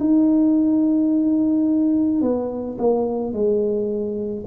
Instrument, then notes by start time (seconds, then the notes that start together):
tuba
0.00 D#4
2.22 B3
2.79 A#3
3.33 G#3